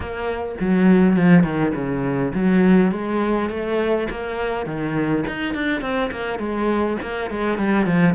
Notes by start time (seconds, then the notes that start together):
0.00 A#3
0.60 F#3
1.16 F3
1.43 D#3
1.74 C#3
2.33 F#3
2.91 G#3
3.49 A3
4.10 A#3
4.66 D#3
5.27 D#4
5.54 D4
5.81 C4
6.11 A#3
6.38 G#3
7.01 A#3
7.30 G#3
7.58 G3
7.85 F3